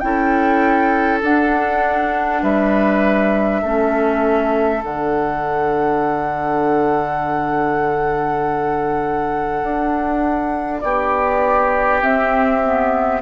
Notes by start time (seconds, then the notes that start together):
0.00 C#4 E4 A4 G5
1.23 D4 F#5
2.43 G3 B4 E5
3.62 A3 C#4 A4
4.81 D3 D4 F#5
9.63 D4
10.80 B3 G4 D5
12.02 C4 E5
12.65 B3